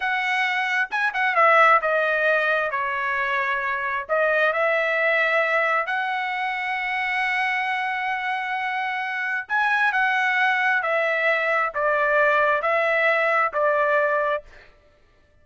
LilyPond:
\new Staff \with { instrumentName = "trumpet" } { \time 4/4 \tempo 4 = 133 fis''2 gis''8 fis''8 e''4 | dis''2 cis''2~ | cis''4 dis''4 e''2~ | e''4 fis''2.~ |
fis''1~ | fis''4 gis''4 fis''2 | e''2 d''2 | e''2 d''2 | }